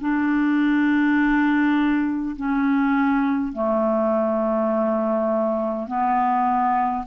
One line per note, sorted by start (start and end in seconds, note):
0.00 2.35 D4
2.36 3.52 C#4
3.52 5.87 A3
5.87 7.05 B3